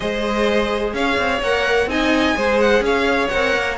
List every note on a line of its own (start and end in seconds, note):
0.00 0.93 G#3
0.00 1.42 G#4
0.00 0.95 C5
0.00 0.94 D#5
0.93 1.17 C#4
0.93 1.90 C#5
0.93 1.41 F5
1.17 1.41 C4
1.41 1.86 A#3
1.41 1.88 A#4
1.41 1.89 F#5
1.86 2.33 C4
1.86 2.35 D#4
1.86 2.36 D#5
1.86 2.60 G#5
2.35 2.80 G#3
2.35 3.29 G#4
2.35 2.83 C5
2.60 2.83 F#5
2.80 3.27 C#4
2.80 3.77 C#5
2.80 3.28 F5
3.28 3.56 C4
3.28 3.77 A#4
3.28 3.75 F#5
3.56 3.77 A#3